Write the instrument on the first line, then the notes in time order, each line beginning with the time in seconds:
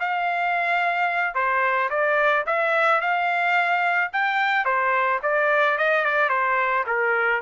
trumpet
0.00 F5
1.35 C5
1.90 D5
2.46 E5
3.01 F5
4.13 G5
4.65 C5
5.23 D5
5.78 D#5
6.05 D5
6.29 C5
6.87 A#4